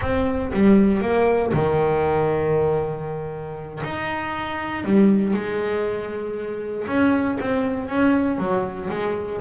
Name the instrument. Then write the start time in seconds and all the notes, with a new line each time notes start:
double bass
0.01 C4
0.53 G3
1.01 A#3
1.53 D#3
3.83 D#4
4.84 G3
5.33 G#3
6.87 C#4
7.40 C4
7.88 C#4
8.38 F#3
8.90 G#3